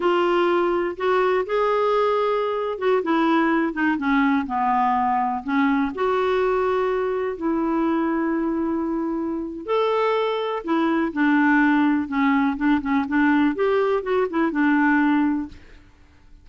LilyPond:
\new Staff \with { instrumentName = "clarinet" } { \time 4/4 \tempo 4 = 124 f'2 fis'4 gis'4~ | gis'4.~ gis'16 fis'8 e'4. dis'16~ | dis'16 cis'4 b2 cis'8.~ | cis'16 fis'2. e'8.~ |
e'1 | a'2 e'4 d'4~ | d'4 cis'4 d'8 cis'8 d'4 | g'4 fis'8 e'8 d'2 | }